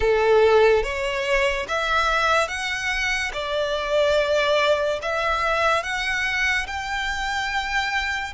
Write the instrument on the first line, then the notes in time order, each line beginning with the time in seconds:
violin
0.00 A4
0.83 C#5
1.67 E5
2.48 F#5
3.33 D5
5.02 E5
5.83 F#5
6.67 G5